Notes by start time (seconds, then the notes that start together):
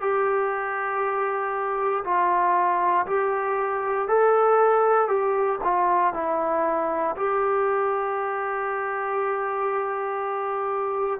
0.00 G4
2.04 F4
3.06 G4
4.08 A4
5.08 G4
5.63 F4
6.13 E4
7.16 G4